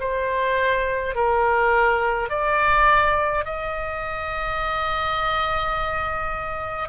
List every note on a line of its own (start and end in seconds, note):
0.00 1.15 C5
1.15 2.29 A#4
2.29 3.45 D5
3.45 6.89 D#5